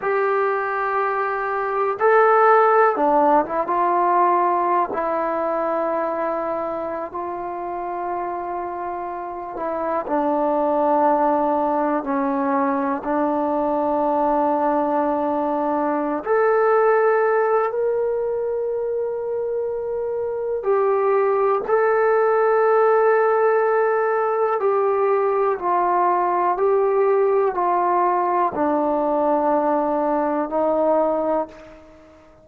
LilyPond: \new Staff \with { instrumentName = "trombone" } { \time 4/4 \tempo 4 = 61 g'2 a'4 d'8 e'16 f'16~ | f'4 e'2~ e'16 f'8.~ | f'4.~ f'16 e'8 d'4.~ d'16~ | d'16 cis'4 d'2~ d'8.~ |
d'8 a'4. ais'2~ | ais'4 g'4 a'2~ | a'4 g'4 f'4 g'4 | f'4 d'2 dis'4 | }